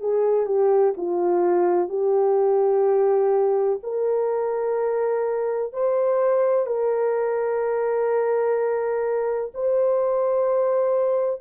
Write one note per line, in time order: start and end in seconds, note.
0.00 0.46 G#4
0.46 0.94 G4
0.97 1.89 F4
1.89 3.79 G4
3.83 5.73 A#4
5.73 6.66 C5
6.66 9.52 A#4
9.54 11.41 C5